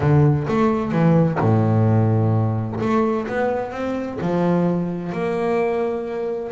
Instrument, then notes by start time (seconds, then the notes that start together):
double bass
0.00 D3
0.48 A3
0.92 E3
1.40 A2
2.80 A3
3.27 B3
3.71 C4
4.21 F3
5.12 A#3